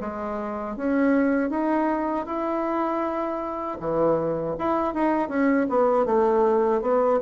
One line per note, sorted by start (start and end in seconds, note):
0.00 0.76 G#3
0.76 1.49 C#4
1.49 2.25 D#4
2.25 3.77 E4
3.80 4.56 E3
4.58 4.93 E4
4.93 5.29 D#4
5.29 5.67 C#4
5.69 6.05 B3
6.05 6.81 A3
6.81 7.19 B3